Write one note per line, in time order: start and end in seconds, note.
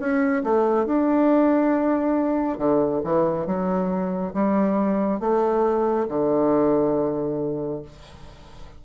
0.00 0.43 C#4
0.44 0.87 A3
0.87 2.58 D4
2.58 3.02 D3
3.04 3.47 E3
3.47 4.34 F#3
4.34 5.21 G3
5.21 6.08 A3
6.09 7.83 D3